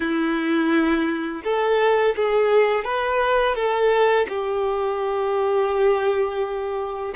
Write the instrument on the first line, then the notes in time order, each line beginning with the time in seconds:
violin
0.00 E4
1.44 A4
2.16 G#4
2.84 B4
3.55 A4
4.29 G4